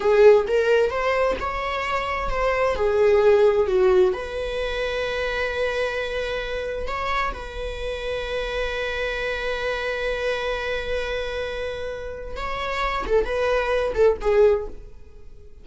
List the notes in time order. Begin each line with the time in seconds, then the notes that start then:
0.00 G#4
0.47 A#4
0.90 C5
1.40 C#5
2.29 C5
2.75 G#4
3.67 F#4
4.13 B4
6.87 C#5
7.33 B4
12.36 C#5
13.06 A4
13.24 B4
13.94 A4
14.21 G#4